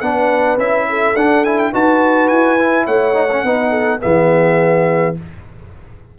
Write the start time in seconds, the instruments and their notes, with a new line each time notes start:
0.00 tuba B3, trombone D4, horn B4, trumpet F#5
0.57 tuba C#4, trombone E4, trumpet E5
0.89 horn A4
1.15 tuba D4, trombone D4, trumpet F#5
1.44 trombone E4, trumpet G#5
1.58 trumpet G5
1.71 tuba D#4, trombone F#4, horn B4, trumpet A5
2.28 tuba E4, trumpet G#5
2.58 trombone E4
2.85 tuba A3, horn C#5, trumpet F#5
3.13 trombone D#4
3.31 trombone C#4
3.43 tuba B3, trombone D#4, horn B4
3.70 horn A4
4.00 tuba E3, trombone B3, horn G#4, trumpet E5